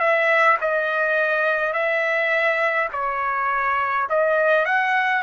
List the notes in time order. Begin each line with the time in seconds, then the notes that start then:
0.00 E5
0.61 D#5
1.73 E5
2.93 C#5
4.10 D#5
4.66 F#5